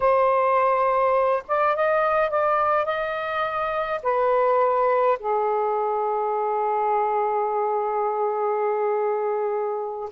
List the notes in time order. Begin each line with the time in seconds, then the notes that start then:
0.00 C5
1.47 D5
1.75 D#5
2.30 D5
2.85 D#5
4.03 B4
5.19 G#4